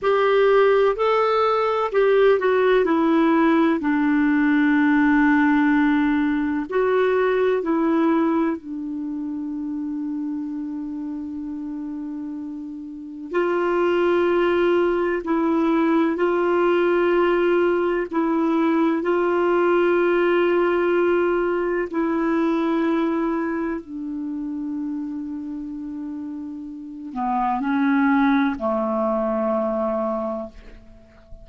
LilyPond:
\new Staff \with { instrumentName = "clarinet" } { \time 4/4 \tempo 4 = 63 g'4 a'4 g'8 fis'8 e'4 | d'2. fis'4 | e'4 d'2.~ | d'2 f'2 |
e'4 f'2 e'4 | f'2. e'4~ | e'4 d'2.~ | d'8 b8 cis'4 a2 | }